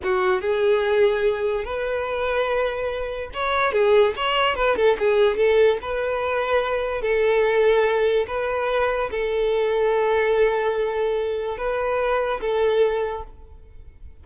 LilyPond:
\new Staff \with { instrumentName = "violin" } { \time 4/4 \tempo 4 = 145 fis'4 gis'2. | b'1 | cis''4 gis'4 cis''4 b'8 a'8 | gis'4 a'4 b'2~ |
b'4 a'2. | b'2 a'2~ | a'1 | b'2 a'2 | }